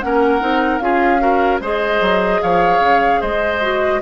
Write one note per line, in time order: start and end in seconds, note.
0.00 0.42 A#3
0.00 0.40 C#4
0.00 0.83 A#4
0.00 0.79 F#5
0.40 0.80 C4
0.40 0.80 D#4
0.79 1.60 C#4
0.79 1.19 F4
0.79 1.22 G#4
0.79 1.59 F5
1.19 1.59 F#4
1.19 1.61 A#4
1.60 2.00 G#3
1.60 3.62 G#4
1.60 2.41 C5
1.60 2.42 D#5
2.01 2.41 F#3
2.42 2.80 F3
2.42 3.21 C#5
2.42 3.21 F5
2.80 3.20 C#3
3.21 4.02 G#3
3.21 4.01 C5
3.21 4.01 D#5
3.62 4.02 F#4